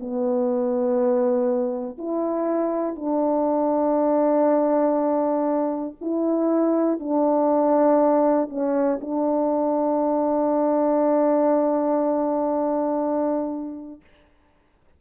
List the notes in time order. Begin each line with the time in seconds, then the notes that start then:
0.00 B3
1.99 E4
2.96 D4
6.01 E4
7.00 D4
8.50 C#4
9.01 D4